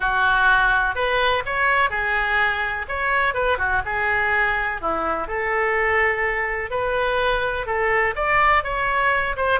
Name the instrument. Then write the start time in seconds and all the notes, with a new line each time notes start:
oboe
0.00 F#4
0.95 B4
1.45 C#5
1.90 G#4
2.88 C#5
3.34 B4
3.58 F#4
3.85 G#4
4.81 E4
5.27 A4
6.70 B4
7.66 A4
8.15 D5
8.63 C#5
9.36 C5